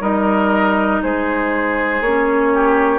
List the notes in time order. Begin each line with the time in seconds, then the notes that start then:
0.00 G3 D#4 A#4 D#5
1.02 G#3 G#4 C5
2.01 A#3 C#5
2.07 C#4
2.53 G4